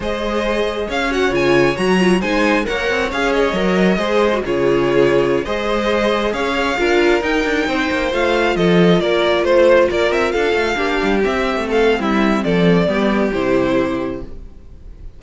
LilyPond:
<<
  \new Staff \with { instrumentName = "violin" } { \time 4/4 \tempo 4 = 135 dis''2 f''8 fis''8 gis''4 | ais''4 gis''4 fis''4 f''8 dis''8~ | dis''2 cis''2~ | cis''16 dis''2 f''4.~ f''16~ |
f''16 g''2 f''4 dis''8.~ | dis''16 d''4 c''4 d''8 e''8 f''8.~ | f''4~ f''16 e''4 f''8. e''4 | d''2 c''2 | }
  \new Staff \with { instrumentName = "violin" } { \time 4/4 c''2 cis''2~ | cis''4 c''4 cis''2~ | cis''4 c''4 gis'2~ | gis'16 c''2 cis''4 ais'8.~ |
ais'4~ ais'16 c''2 a'8.~ | a'16 ais'4 c''4 ais'4 a'8.~ | a'16 g'2 a'8. e'4 | a'4 g'2. | }
  \new Staff \with { instrumentName = "viola" } { \time 4/4 gis'2~ gis'8 fis'8 f'4 | fis'8 f'8 dis'4 ais'4 gis'4 | ais'4 gis'8. fis'16 f'2~ | f'16 gis'2. f'8.~ |
f'16 dis'2 f'4.~ f'16~ | f'1~ | f'16 d'4 c'2~ c'8.~ | c'4 b4 e'2 | }
  \new Staff \with { instrumentName = "cello" } { \time 4/4 gis2 cis'4 cis4 | fis4 gis4 ais8 c'8 cis'4 | fis4 gis4 cis2~ | cis16 gis2 cis'4 d'8.~ |
d'16 dis'8 d'8 c'8 ais8 a4 f8.~ | f16 ais4 a4 ais8 c'8 d'8 a16~ | a16 ais8 g8 c'8. a4 g4 | f4 g4 c2 | }
>>